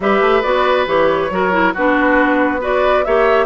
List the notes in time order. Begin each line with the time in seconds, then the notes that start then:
0.00 G3 G4 B4 E5
0.20 A3
0.42 B3 F#4 D5
0.86 E3 G4 C#5
1.30 F#3 F#4 A#4
1.51 E4
1.73 B3 D4 F#4 B4
2.60 F#4 B4 D5
3.04 A#3 G4 C#5 E5